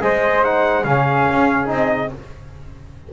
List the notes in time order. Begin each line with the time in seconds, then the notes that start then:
0.00 G#3 G#4 C5 D#5
0.43 D#4 F#5
0.84 C#3 C#4 G#4 F5
1.31 C#4
1.65 C4 D#4 D#5